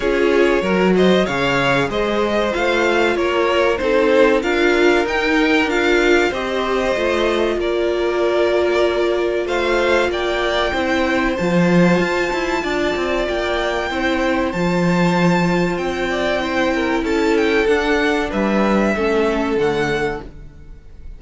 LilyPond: <<
  \new Staff \with { instrumentName = "violin" } { \time 4/4 \tempo 4 = 95 cis''4. dis''8 f''4 dis''4 | f''4 cis''4 c''4 f''4 | g''4 f''4 dis''2 | d''2. f''4 |
g''2 a''2~ | a''4 g''2 a''4~ | a''4 g''2 a''8 g''8 | fis''4 e''2 fis''4 | }
  \new Staff \with { instrumentName = "violin" } { \time 4/4 gis'4 ais'8 c''8 cis''4 c''4~ | c''4 ais'4 a'4 ais'4~ | ais'2 c''2 | ais'2. c''4 |
d''4 c''2. | d''2 c''2~ | c''4. d''8 c''8 ais'8 a'4~ | a'4 b'4 a'2 | }
  \new Staff \with { instrumentName = "viola" } { \time 4/4 f'4 fis'4 gis'2 | f'2 dis'4 f'4 | dis'4 f'4 g'4 f'4~ | f'1~ |
f'4 e'4 f'2~ | f'2 e'4 f'4~ | f'2 e'2 | d'2 cis'4 a4 | }
  \new Staff \with { instrumentName = "cello" } { \time 4/4 cis'4 fis4 cis4 gis4 | a4 ais4 c'4 d'4 | dis'4 d'4 c'4 a4 | ais2. a4 |
ais4 c'4 f4 f'8 e'8 | d'8 c'8 ais4 c'4 f4~ | f4 c'2 cis'4 | d'4 g4 a4 d4 | }
>>